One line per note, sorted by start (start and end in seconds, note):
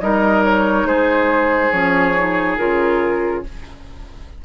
0.00 0.84 G3
0.00 1.72 D#4
0.00 0.87 A#4
0.00 0.43 D#5
0.44 0.86 C#5
0.84 1.69 G#3
0.84 3.44 G#4
0.84 1.71 C5
1.71 2.57 F3
1.71 2.15 C#4
1.71 2.57 C#5
2.16 2.58 D#4
2.57 3.43 C#3
2.57 3.43 F4
2.57 3.43 A#4